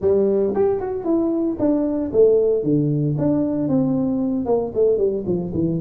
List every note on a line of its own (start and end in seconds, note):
0.01 0.54 G3
0.54 0.80 G4
0.80 1.04 F#4
1.04 1.56 E4
1.59 2.11 D4
2.12 2.63 A3
2.63 3.16 D3
3.18 3.68 D4
3.68 4.45 C4
4.45 4.72 A#3
4.74 4.97 A3
4.97 5.24 G3
5.26 5.52 F3
5.54 5.80 E3